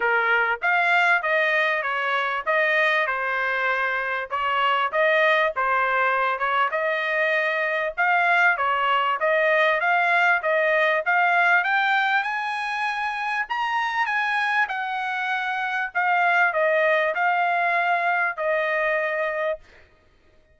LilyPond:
\new Staff \with { instrumentName = "trumpet" } { \time 4/4 \tempo 4 = 98 ais'4 f''4 dis''4 cis''4 | dis''4 c''2 cis''4 | dis''4 c''4. cis''8 dis''4~ | dis''4 f''4 cis''4 dis''4 |
f''4 dis''4 f''4 g''4 | gis''2 ais''4 gis''4 | fis''2 f''4 dis''4 | f''2 dis''2 | }